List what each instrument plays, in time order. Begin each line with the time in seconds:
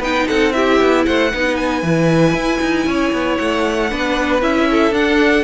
0.00 cello B3, viola D#4, violin B4 G5
0.28 cello C4, violin A4 F#5
0.53 viola E4, violin G4 E5
0.81 cello B3
1.06 cello A3, violin C5 F#5
1.33 cello B3, viola D#4, violin B4
1.56 violin G#5
1.83 cello E3, viola E4
2.34 cello E4
2.62 cello D#4
2.86 cello C#4, violin C#5
3.13 cello B3
3.37 cello A3, violin F#5
3.90 cello B3, viola D4, violin B4
4.41 cello C#4, viola E4, violin E5
4.71 violin A4
4.91 cello D4, viola D4, violin F#5